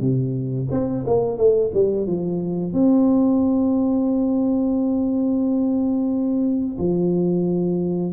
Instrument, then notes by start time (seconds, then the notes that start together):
tuba
0.00 C3
0.71 C4
1.06 A#3
1.37 A3
1.74 G3
2.07 F3
2.73 C4
6.78 F3